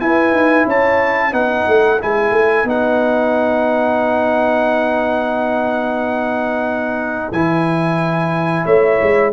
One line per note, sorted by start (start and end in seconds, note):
0.00 1.32 E4
0.00 0.32 E4
0.00 0.68 B4
0.00 0.67 G#5
0.32 0.65 D#4
0.67 1.33 C#4
0.67 1.32 C#5
0.67 1.34 A5
1.32 1.66 B3
1.32 1.99 D#4
1.32 8.65 B4
1.32 2.01 F#5
1.68 2.02 A3
2.00 2.32 G#3
2.00 2.66 E4
2.00 2.69 G#5
2.32 2.64 A3
2.64 7.31 B3
2.64 7.33 D#4
2.64 7.33 F#5
7.32 8.65 E3
7.32 9.33 E4
7.32 8.66 G#5
8.65 9.00 A3
8.65 9.32 C#5
8.65 9.33 E5
9.02 9.33 G#3